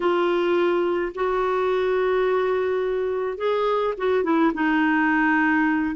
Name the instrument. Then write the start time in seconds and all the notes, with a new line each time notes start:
clarinet
0.00 F4
1.14 F#4
3.37 G#4
3.97 F#4
4.23 E4
4.54 D#4